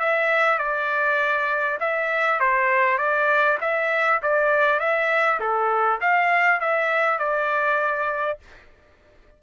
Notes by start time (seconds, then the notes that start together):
0.00 E5
0.59 D5
1.81 E5
2.41 C5
2.98 D5
3.61 E5
4.23 D5
4.80 E5
5.40 A4
6.01 F5
6.61 E5
7.19 D5